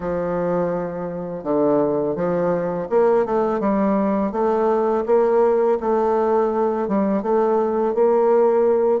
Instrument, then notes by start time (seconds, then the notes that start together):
bassoon
0.00 F3
1.43 D3
2.15 F3
2.89 A#3
3.25 A3
3.60 G3
4.32 A3
5.06 A#3
5.80 A3
6.88 G3
7.22 A3
7.94 A#3